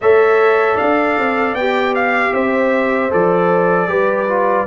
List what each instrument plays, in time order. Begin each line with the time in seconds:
0.01 tuba A3, trombone A4, horn C#5, trumpet E5
0.75 tuba D4, horn D5, trumpet F5
1.18 tuba C4
1.54 tuba B3, trombone G4, trumpet G5
1.94 trumpet F5
2.32 tuba C4, horn C5, trumpet E5
3.10 tuba F3, trombone A4, trumpet D5
3.87 tuba G3, trombone G4, horn B4
4.28 trombone F4